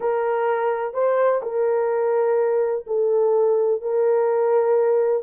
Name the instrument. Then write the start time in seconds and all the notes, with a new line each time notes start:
horn
0.00 A#4
0.93 C5
1.42 A#4
2.86 A4
3.81 A#4